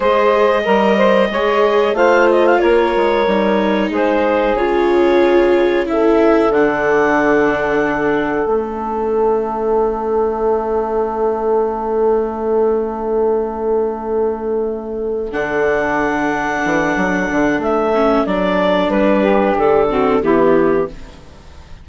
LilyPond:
<<
  \new Staff \with { instrumentName = "clarinet" } { \time 4/4 \tempo 4 = 92 dis''2. f''8 dis''16 f''16 | cis''2 c''4 cis''4~ | cis''4 e''4 fis''2~ | fis''4 e''2.~ |
e''1~ | e''2.~ e''8 fis''8~ | fis''2. e''4 | d''4 b'4 a'4 g'4 | }
  \new Staff \with { instrumentName = "saxophone" } { \time 4/4 c''4 ais'8 c''8 cis''4 c''4 | ais'2 gis'2~ | gis'4 a'2.~ | a'1~ |
a'1~ | a'1~ | a'1~ | a'4. g'4 fis'8 e'4 | }
  \new Staff \with { instrumentName = "viola" } { \time 4/4 gis'4 ais'4 gis'4 f'4~ | f'4 dis'2 f'4~ | f'4 e'4 d'2~ | d'4 cis'2.~ |
cis'1~ | cis'2.~ cis'8 d'8~ | d'2.~ d'8 cis'8 | d'2~ d'8 c'8 b4 | }
  \new Staff \with { instrumentName = "bassoon" } { \time 4/4 gis4 g4 gis4 a4 | ais8 gis8 g4 gis4 cis4~ | cis2 d2~ | d4 a2.~ |
a1~ | a2.~ a8 d8~ | d4. e8 fis8 d8 a4 | fis4 g4 d4 e4 | }
>>